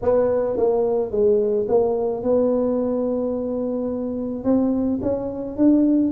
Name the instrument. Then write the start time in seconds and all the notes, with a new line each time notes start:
tuba
0.02 B3
0.57 A#3
1.11 G#3
1.68 A#3
2.22 B3
4.43 C4
5.02 C#4
5.56 D4